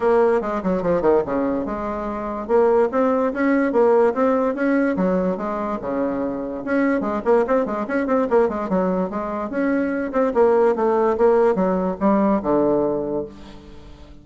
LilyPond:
\new Staff \with { instrumentName = "bassoon" } { \time 4/4 \tempo 4 = 145 ais4 gis8 fis8 f8 dis8 cis4 | gis2 ais4 c'4 | cis'4 ais4 c'4 cis'4 | fis4 gis4 cis2 |
cis'4 gis8 ais8 c'8 gis8 cis'8 c'8 | ais8 gis8 fis4 gis4 cis'4~ | cis'8 c'8 ais4 a4 ais4 | fis4 g4 d2 | }